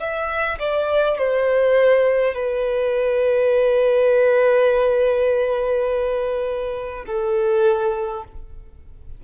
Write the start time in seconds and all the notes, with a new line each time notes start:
0.00 E5
0.60 D5
1.18 C5
2.35 B4
7.07 A4